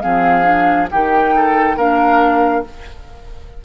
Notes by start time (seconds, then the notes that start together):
0.00 F3 C4 G#4 F5
0.43 D4
0.90 D#3 D#4 G4 G5
1.36 A4
1.76 A#3 D4 A#4 F5